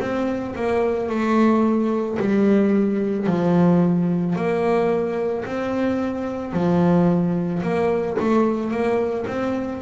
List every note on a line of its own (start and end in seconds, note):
0.00 0.55 C4
0.56 1.09 A#3
1.09 2.18 A3
2.19 3.27 G3
3.27 4.36 F3
4.36 5.45 A#3
5.45 6.53 C4
6.53 7.62 F3
7.63 8.17 A#3
8.20 8.71 A3
8.71 9.25 A#3
9.27 9.82 C4